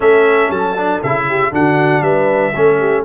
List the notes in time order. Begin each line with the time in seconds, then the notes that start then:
0.00 A3 C#4 A4 E5
0.49 F#3 A5
0.77 D4
1.02 C#3 E4 E5
1.27 G4
1.52 D3 D4 F#4 F#5
2.01 G3 B4 E5
2.53 A3 C#4 A4
2.79 G4